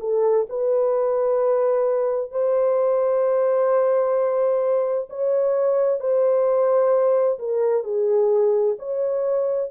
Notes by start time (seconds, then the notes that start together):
0.00 A4
0.49 B4
2.31 C5
5.09 C#5
6.00 C5
7.38 A#4
7.83 G#4
8.79 C#5